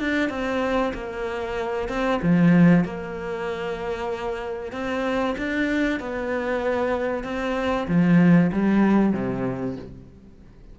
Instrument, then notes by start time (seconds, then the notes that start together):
cello
0.00 D4
0.30 C4
0.94 A#3
1.89 C4
2.22 F3
2.85 A#3
4.73 C4
5.38 D4
6.00 B3
7.24 C4
7.88 F3
8.52 G3
9.13 C3